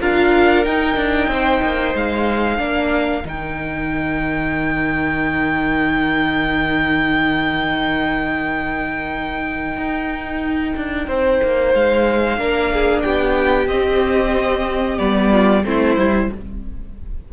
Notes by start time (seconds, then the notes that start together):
0.00 D4 F4 A#4 F5
0.65 D#4 G5
0.96 D4
1.27 C4 C5
1.62 A#3
1.94 G#3 F5
2.58 A#3 D4 A#4
3.25 D#3 D#4 G5
9.76 D#4
10.76 D4
11.08 C4 C5
11.43 A#3
11.74 G#3 F5
12.37 A#3 D4 A#4
12.74 G#4
13.02 B3 G4 G5
13.67 C4 D#5
14.97 G3 B3 D5
15.31 F4
15.64 A3 C4 E4 C5
15.97 G3 E4